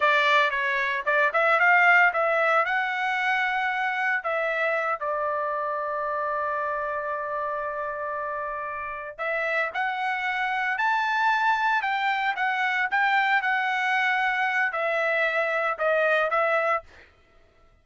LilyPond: \new Staff \with { instrumentName = "trumpet" } { \time 4/4 \tempo 4 = 114 d''4 cis''4 d''8 e''8 f''4 | e''4 fis''2. | e''4. d''2~ d''8~ | d''1~ |
d''4. e''4 fis''4.~ | fis''8 a''2 g''4 fis''8~ | fis''8 g''4 fis''2~ fis''8 | e''2 dis''4 e''4 | }